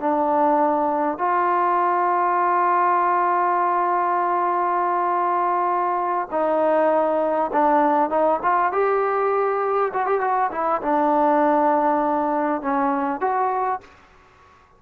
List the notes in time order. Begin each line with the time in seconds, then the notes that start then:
0.00 D4
1.19 F4
6.31 D#4
7.53 D4
8.10 D#4
8.43 F4
8.72 G4
9.94 F#4
10.06 G4
10.21 F#4
10.52 E4
10.82 D4
12.62 C#4
13.21 F#4